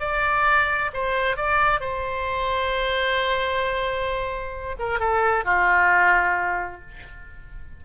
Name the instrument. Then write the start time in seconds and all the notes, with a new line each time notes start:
oboe
0.00 D5
0.93 C5
1.37 D5
1.80 C5
4.79 A#4
4.99 A4
5.45 F4